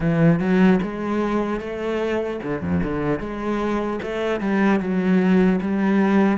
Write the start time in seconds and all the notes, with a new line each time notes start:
0.00 E3
0.39 F#3
0.82 G#3
1.60 A3
2.43 D3
2.61 F2
2.83 D3
3.19 G#3
4.02 A3
4.40 G3
4.80 F#3
5.61 G3